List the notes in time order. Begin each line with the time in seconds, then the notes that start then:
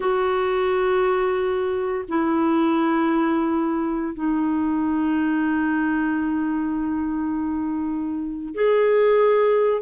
0.00 F#4
2.08 E4
4.14 D#4
8.54 G#4